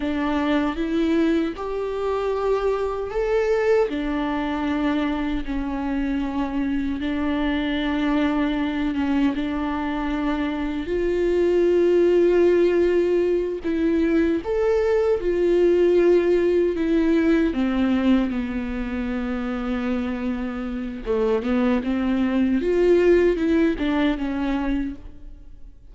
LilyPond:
\new Staff \with { instrumentName = "viola" } { \time 4/4 \tempo 4 = 77 d'4 e'4 g'2 | a'4 d'2 cis'4~ | cis'4 d'2~ d'8 cis'8 | d'2 f'2~ |
f'4. e'4 a'4 f'8~ | f'4. e'4 c'4 b8~ | b2. a8 b8 | c'4 f'4 e'8 d'8 cis'4 | }